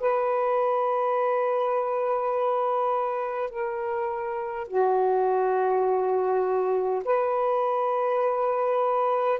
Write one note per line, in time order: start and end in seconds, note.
0.00 3.50 B4
3.50 4.67 A#4
4.67 7.03 F#4
7.05 9.40 B4